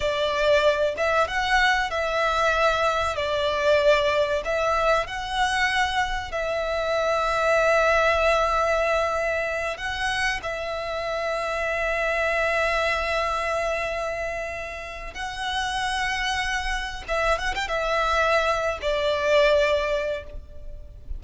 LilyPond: \new Staff \with { instrumentName = "violin" } { \time 4/4 \tempo 4 = 95 d''4. e''8 fis''4 e''4~ | e''4 d''2 e''4 | fis''2 e''2~ | e''2.~ e''8 fis''8~ |
fis''8 e''2.~ e''8~ | e''1 | fis''2. e''8 fis''16 g''16 | e''4.~ e''16 d''2~ d''16 | }